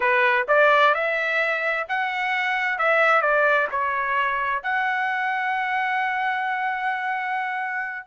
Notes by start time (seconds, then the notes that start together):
0.00 B4
0.48 D5
0.94 E5
1.88 F#5
2.78 E5
3.21 D5
3.71 C#5
4.62 F#5